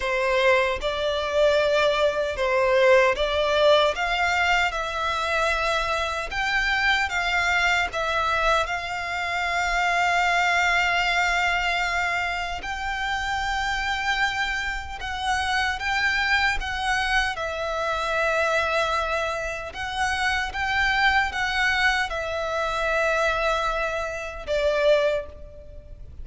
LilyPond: \new Staff \with { instrumentName = "violin" } { \time 4/4 \tempo 4 = 76 c''4 d''2 c''4 | d''4 f''4 e''2 | g''4 f''4 e''4 f''4~ | f''1 |
g''2. fis''4 | g''4 fis''4 e''2~ | e''4 fis''4 g''4 fis''4 | e''2. d''4 | }